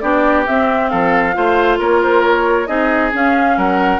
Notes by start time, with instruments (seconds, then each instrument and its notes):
0.00 bassoon B3, clarinet D4, oboe G4, flute D5
0.46 clarinet C4, bassoon C4, flute E5
0.89 bassoon F3, oboe A4, flute F5
1.34 bassoon A3, clarinet F4, oboe C5
1.79 bassoon A#3, oboe A#4, flute C#5
2.03 flute C5
2.23 flute C#5
2.67 bassoon C4, clarinet D#4, oboe G#4, flute D#5
3.12 clarinet C#4, bassoon C#4, flute F5
3.57 bassoon F#3, oboe A#4, flute F#5